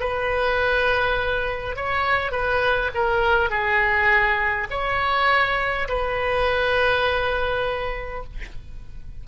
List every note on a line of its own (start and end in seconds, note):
0.00 1.76 B4
1.76 2.32 C#5
2.32 2.91 B4
2.95 3.50 A#4
3.50 4.68 G#4
4.71 5.88 C#5
5.89 8.24 B4